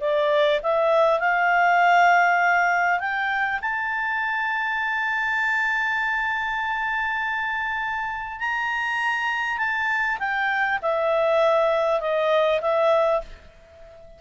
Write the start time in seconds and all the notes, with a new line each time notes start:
0.00 D5
0.62 E5
1.19 F5
2.99 G5
3.61 A5
8.39 A#5
9.58 A5
10.19 G5
10.82 E5
12.00 D#5
12.61 E5